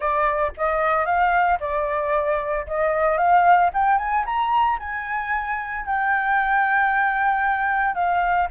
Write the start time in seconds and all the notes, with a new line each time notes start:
0.00 D5
0.57 D#5
1.05 F5
1.60 D5
2.66 D#5
3.17 F5
3.73 G5
3.98 G#5
4.25 A#5
4.79 G#5
5.85 G5
7.95 F5